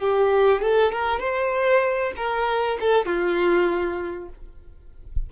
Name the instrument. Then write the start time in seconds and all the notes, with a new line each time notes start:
violin
0.00 G4
0.62 A4
0.92 A#4
1.19 C5
2.16 A#4
2.80 A4
3.06 F4